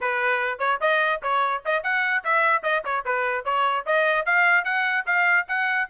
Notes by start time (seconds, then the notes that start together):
0.00 B4
0.58 C#5
0.81 D#5
1.22 C#5
1.65 D#5
1.83 F#5
2.24 E5
2.63 D#5
2.84 C#5
3.05 B4
3.44 C#5
3.86 D#5
4.25 F5
4.64 F#5
5.06 F5
5.48 F#5